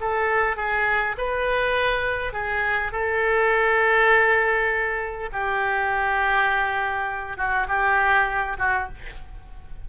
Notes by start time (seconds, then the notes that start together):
0.00 A4
0.56 G#4
1.17 B4
2.32 G#4
2.92 A4
5.32 G4
7.37 F#4
7.68 G4
8.58 F#4